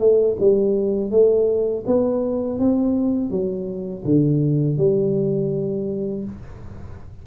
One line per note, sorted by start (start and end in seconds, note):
0.00 0.37 A3
0.40 1.11 G3
1.11 1.84 A3
1.86 2.59 B3
2.59 3.31 C4
3.31 4.04 F#3
4.05 4.78 D3
4.78 6.24 G3